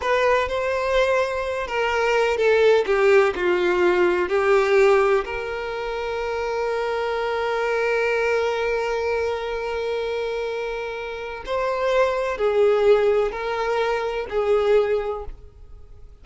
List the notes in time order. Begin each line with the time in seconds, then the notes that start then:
0.01 B4
0.48 C5
1.67 A#4
2.37 A4
2.86 G4
3.35 F4
4.29 G4
5.24 A#4
11.45 C5
12.37 G#4
13.31 A#4
14.29 G#4